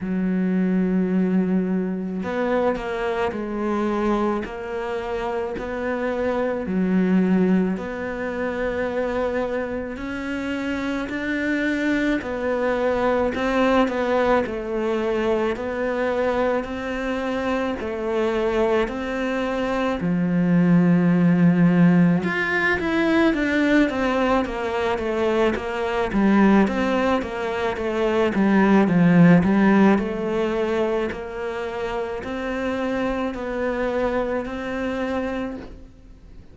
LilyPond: \new Staff \with { instrumentName = "cello" } { \time 4/4 \tempo 4 = 54 fis2 b8 ais8 gis4 | ais4 b4 fis4 b4~ | b4 cis'4 d'4 b4 | c'8 b8 a4 b4 c'4 |
a4 c'4 f2 | f'8 e'8 d'8 c'8 ais8 a8 ais8 g8 | c'8 ais8 a8 g8 f8 g8 a4 | ais4 c'4 b4 c'4 | }